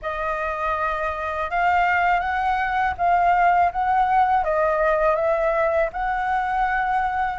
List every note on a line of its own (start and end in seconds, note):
0.02 1.50 D#5
1.50 2.20 F5
2.20 2.94 F#5
2.97 3.71 F5
3.72 4.44 F#5
4.44 5.15 D#5
5.15 5.89 E5
5.92 7.39 F#5